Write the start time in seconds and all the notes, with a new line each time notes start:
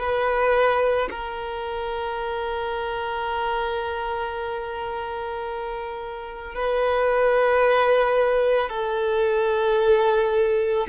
0.00 B4
1.11 A#4
6.55 B4
8.69 A4